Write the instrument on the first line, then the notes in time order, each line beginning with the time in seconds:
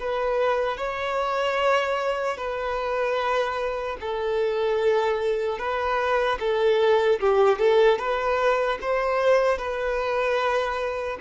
violin
0.00 B4
0.77 C#5
2.37 B4
4.00 A4
5.58 B4
6.40 A4
7.20 G4
7.59 A4
7.98 B4
8.81 C5
9.58 B4